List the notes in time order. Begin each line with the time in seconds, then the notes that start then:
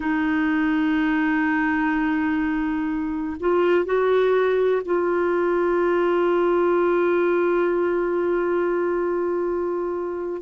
0.00 D#4
3.40 F4
3.85 F#4
4.85 F4